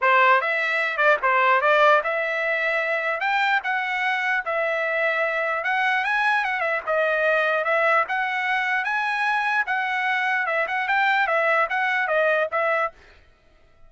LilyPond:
\new Staff \with { instrumentName = "trumpet" } { \time 4/4 \tempo 4 = 149 c''4 e''4. d''8 c''4 | d''4 e''2. | g''4 fis''2 e''4~ | e''2 fis''4 gis''4 |
fis''8 e''8 dis''2 e''4 | fis''2 gis''2 | fis''2 e''8 fis''8 g''4 | e''4 fis''4 dis''4 e''4 | }